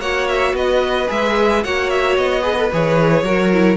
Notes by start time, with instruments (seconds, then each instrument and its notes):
0.00 cello A#3, viola F#4, violin C#5 F#5
0.29 violin E5
0.54 cello B3, violin B4 D#5
1.08 cello G#3, viola G#4, violin E5
1.64 cello A#3, viola F#4, violin C#5 F#5
1.90 violin E5
2.17 cello B3, violin D#5
2.43 viola G#4, violin B4
2.58 viola A4
2.73 cello E3, viola G#4, violin C#5
3.23 cello F#3, viola F#4, violin A#4
3.53 viola E4